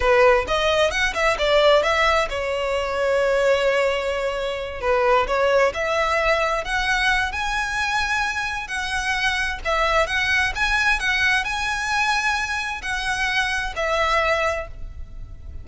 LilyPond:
\new Staff \with { instrumentName = "violin" } { \time 4/4 \tempo 4 = 131 b'4 dis''4 fis''8 e''8 d''4 | e''4 cis''2.~ | cis''2~ cis''8 b'4 cis''8~ | cis''8 e''2 fis''4. |
gis''2. fis''4~ | fis''4 e''4 fis''4 gis''4 | fis''4 gis''2. | fis''2 e''2 | }